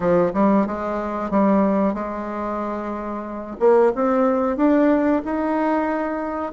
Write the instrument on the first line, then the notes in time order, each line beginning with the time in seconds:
bassoon
0.00 F3
0.33 G3
0.66 G#3
1.30 G3
1.94 G#3
3.59 A#3
3.95 C4
4.56 D4
5.24 D#4